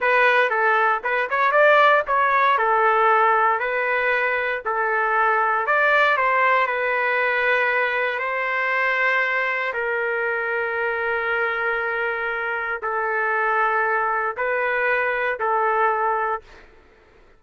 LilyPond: \new Staff \with { instrumentName = "trumpet" } { \time 4/4 \tempo 4 = 117 b'4 a'4 b'8 cis''8 d''4 | cis''4 a'2 b'4~ | b'4 a'2 d''4 | c''4 b'2. |
c''2. ais'4~ | ais'1~ | ais'4 a'2. | b'2 a'2 | }